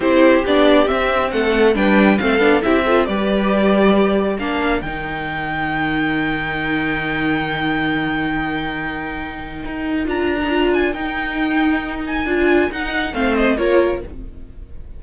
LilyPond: <<
  \new Staff \with { instrumentName = "violin" } { \time 4/4 \tempo 4 = 137 c''4 d''4 e''4 fis''4 | g''4 f''4 e''4 d''4~ | d''2 f''4 g''4~ | g''1~ |
g''1~ | g''2. ais''4~ | ais''8 gis''8 g''2~ g''8 gis''8~ | gis''4 fis''4 f''8 dis''8 cis''4 | }
  \new Staff \with { instrumentName = "violin" } { \time 4/4 g'2. a'4 | b'4 a'4 g'8 a'8 b'4~ | b'2 ais'2~ | ais'1~ |
ais'1~ | ais'1~ | ais'1~ | ais'2 c''4 ais'4 | }
  \new Staff \with { instrumentName = "viola" } { \time 4/4 e'4 d'4 c'2 | d'4 c'8 d'8 e'8 f'8 g'4~ | g'2 d'4 dis'4~ | dis'1~ |
dis'1~ | dis'2. f'8. dis'16 | f'4 dis'2. | f'4 dis'4 c'4 f'4 | }
  \new Staff \with { instrumentName = "cello" } { \time 4/4 c'4 b4 c'4 a4 | g4 a8 b8 c'4 g4~ | g2 ais4 dis4~ | dis1~ |
dis1~ | dis2 dis'4 d'4~ | d'4 dis'2. | d'4 dis'4 a4 ais4 | }
>>